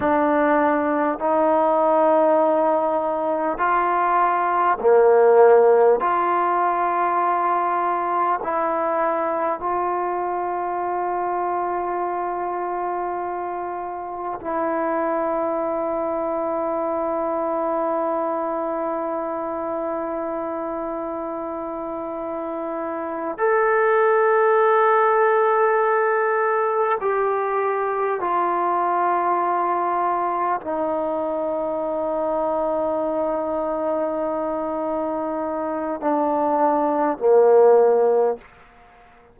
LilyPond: \new Staff \with { instrumentName = "trombone" } { \time 4/4 \tempo 4 = 50 d'4 dis'2 f'4 | ais4 f'2 e'4 | f'1 | e'1~ |
e'2.~ e'8 a'8~ | a'2~ a'8 g'4 f'8~ | f'4. dis'2~ dis'8~ | dis'2 d'4 ais4 | }